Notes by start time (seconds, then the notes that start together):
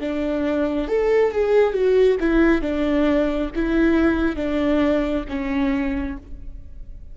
0.00 D4
0.88 A4
1.32 G#4
1.73 F#4
2.20 E4
2.62 D4
3.55 E4
4.36 D4
5.29 C#4